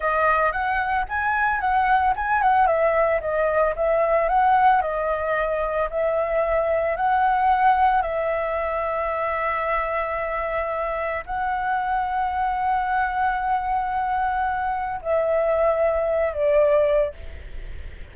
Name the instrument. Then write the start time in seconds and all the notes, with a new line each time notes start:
flute
0.00 D#5
0.52 F#5
1.09 G#5
1.60 F#5
2.16 G#5
2.42 F#5
2.66 E5
3.20 D#5
3.75 E5
4.28 F#5
4.81 D#5
5.90 E5
6.96 F#5
8.02 E5
11.25 F#5
15.01 E5
16.33 D5